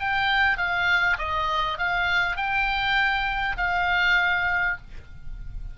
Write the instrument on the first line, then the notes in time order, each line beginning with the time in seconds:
oboe
0.00 G5
0.58 F5
1.18 D#5
1.79 F5
2.37 G5
3.57 F5